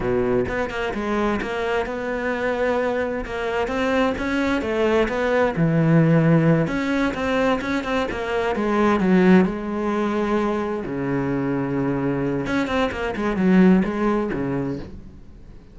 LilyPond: \new Staff \with { instrumentName = "cello" } { \time 4/4 \tempo 4 = 130 b,4 b8 ais8 gis4 ais4 | b2. ais4 | c'4 cis'4 a4 b4 | e2~ e8 cis'4 c'8~ |
c'8 cis'8 c'8 ais4 gis4 fis8~ | fis8 gis2. cis8~ | cis2. cis'8 c'8 | ais8 gis8 fis4 gis4 cis4 | }